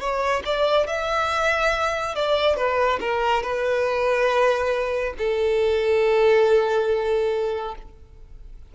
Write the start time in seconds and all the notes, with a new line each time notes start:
0.00 C#5
0.46 D5
0.87 E5
2.15 D5
2.56 B4
3.01 A#4
3.43 B4
5.18 A4